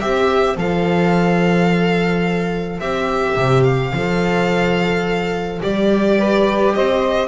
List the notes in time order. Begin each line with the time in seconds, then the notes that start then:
0.00 C4 G4 C5 E5
0.57 F3 A4 F5
2.80 C4 G4 E5
3.36 C3
3.63 F5
3.93 F3 A4
5.62 G3 G4 D5
6.18 B4
6.74 C4 C5 D#5